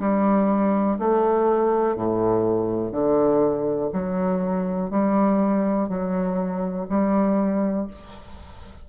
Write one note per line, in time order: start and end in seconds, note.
0.00 0.98 G3
0.99 1.96 A3
1.96 2.92 A2
2.92 3.90 D3
3.93 4.91 F#3
4.91 5.89 G3
5.89 6.88 F#3
6.89 7.88 G3